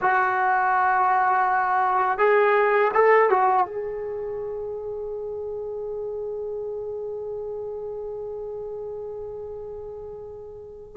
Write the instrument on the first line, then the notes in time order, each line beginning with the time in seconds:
trombone
0.01 F#4
2.18 G#4
2.94 A4
3.29 F#4
3.66 G#4